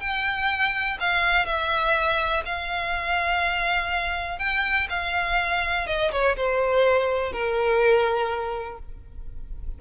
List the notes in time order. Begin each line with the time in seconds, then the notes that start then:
0.00 G5
1.00 F5
1.45 E5
2.45 F5
4.39 G5
4.89 F5
5.86 D#5
6.11 C#5
6.36 C5
7.32 A#4